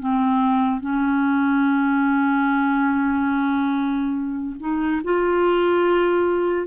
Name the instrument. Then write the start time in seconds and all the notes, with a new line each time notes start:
clarinet
0.00 C4
0.81 C#4
4.60 D#4
5.05 F4